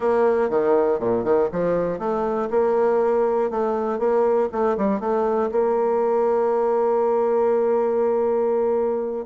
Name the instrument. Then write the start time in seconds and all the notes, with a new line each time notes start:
bassoon
0.00 A#3
0.49 D#3
0.99 A#2
1.23 D#3
1.51 F3
1.98 A3
2.50 A#3
3.50 A3
3.98 A#3
4.51 A3
4.77 G3
5.00 A3
5.51 A#3